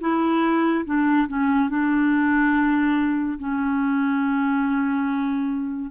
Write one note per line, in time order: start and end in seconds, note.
0.00 0.85 E4
0.85 1.27 D4
1.28 1.69 C#4
1.69 3.38 D4
3.38 5.91 C#4